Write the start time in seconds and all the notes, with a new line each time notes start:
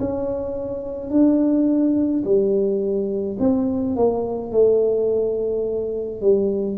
0.00 C#4
1.11 D4
2.25 G3
3.40 C4
3.96 A#3
4.52 A3
6.22 G3